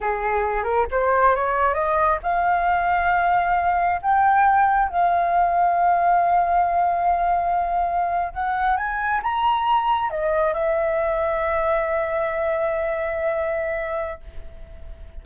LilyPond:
\new Staff \with { instrumentName = "flute" } { \time 4/4 \tempo 4 = 135 gis'4. ais'8 c''4 cis''4 | dis''4 f''2.~ | f''4 g''2 f''4~ | f''1~ |
f''2~ f''8. fis''4 gis''16~ | gis''8. ais''2 dis''4 e''16~ | e''1~ | e''1 | }